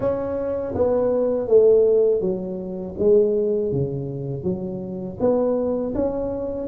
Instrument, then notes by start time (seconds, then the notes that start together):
tuba
0.00 C#4
0.74 B3
1.47 A3
2.20 F#3
2.98 G#3
3.71 C#3
4.43 F#3
5.20 B3
5.94 C#4